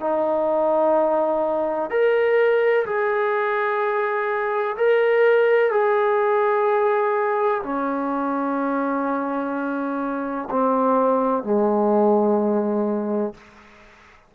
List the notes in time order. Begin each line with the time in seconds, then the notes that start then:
0.00 D#4
1.90 A#4
2.85 G#4
4.77 A#4
5.71 G#4
7.63 C#4
10.50 C4
11.43 G#3